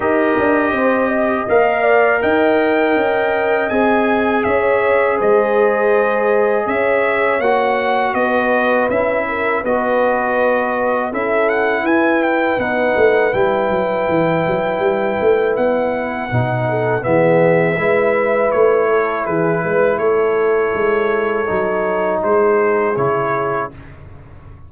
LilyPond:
<<
  \new Staff \with { instrumentName = "trumpet" } { \time 4/4 \tempo 4 = 81 dis''2 f''4 g''4~ | g''4 gis''4 e''4 dis''4~ | dis''4 e''4 fis''4 dis''4 | e''4 dis''2 e''8 fis''8 |
gis''8 g''8 fis''4 g''2~ | g''4 fis''2 e''4~ | e''4 cis''4 b'4 cis''4~ | cis''2 c''4 cis''4 | }
  \new Staff \with { instrumentName = "horn" } { \time 4/4 ais'4 c''8 dis''4 d''8 dis''4~ | dis''2 cis''4 c''4~ | c''4 cis''2 b'4~ | b'8 ais'8 b'2 a'4 |
b'1~ | b'2~ b'8 a'8 gis'4 | b'4. a'8 gis'8 b'8 a'4~ | a'2 gis'2 | }
  \new Staff \with { instrumentName = "trombone" } { \time 4/4 g'2 ais'2~ | ais'4 gis'2.~ | gis'2 fis'2 | e'4 fis'2 e'4~ |
e'4 dis'4 e'2~ | e'2 dis'4 b4 | e'1~ | e'4 dis'2 e'4 | }
  \new Staff \with { instrumentName = "tuba" } { \time 4/4 dis'8 d'8 c'4 ais4 dis'4 | cis'4 c'4 cis'4 gis4~ | gis4 cis'4 ais4 b4 | cis'4 b2 cis'4 |
e'4 b8 a8 g8 fis8 e8 fis8 | g8 a8 b4 b,4 e4 | gis4 a4 e8 gis8 a4 | gis4 fis4 gis4 cis4 | }
>>